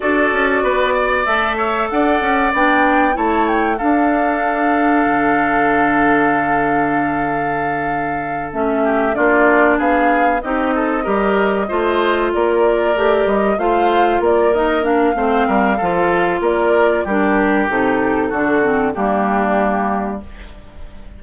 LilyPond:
<<
  \new Staff \with { instrumentName = "flute" } { \time 4/4 \tempo 4 = 95 d''2 e''4 fis''4 | g''4 a''8 g''8 f''2~ | f''1~ | f''4. e''4 d''4 f''8~ |
f''8 dis''2. d''8~ | d''4 dis''8 f''4 d''8 dis''8 f''8~ | f''2 d''4 ais'4 | a'2 g'2 | }
  \new Staff \with { instrumentName = "oboe" } { \time 4/4 a'4 b'8 d''4 cis''8 d''4~ | d''4 cis''4 a'2~ | a'1~ | a'2 g'8 f'4 gis'8~ |
gis'8 g'8 a'8 ais'4 c''4 ais'8~ | ais'4. c''4 ais'4. | c''8 ais'8 a'4 ais'4 g'4~ | g'4 fis'4 d'2 | }
  \new Staff \with { instrumentName = "clarinet" } { \time 4/4 fis'2 a'2 | d'4 e'4 d'2~ | d'1~ | d'4. cis'4 d'4.~ |
d'8 dis'4 g'4 f'4.~ | f'8 g'4 f'4. dis'8 d'8 | c'4 f'2 d'4 | dis'4 d'8 c'8 ais2 | }
  \new Staff \with { instrumentName = "bassoon" } { \time 4/4 d'8 cis'8 b4 a4 d'8 cis'8 | b4 a4 d'2 | d1~ | d4. a4 ais4 b8~ |
b8 c'4 g4 a4 ais8~ | ais8 a8 g8 a4 ais4. | a8 g8 f4 ais4 g4 | c4 d4 g2 | }
>>